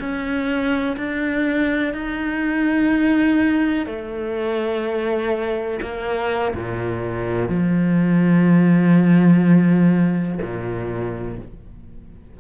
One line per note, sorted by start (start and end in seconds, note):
0.00 0.97 C#4
0.97 1.94 D4
1.94 3.86 D#4
3.86 5.80 A3
5.82 6.55 A#3
6.55 7.49 A#2
7.49 10.39 F3
10.42 11.39 A#2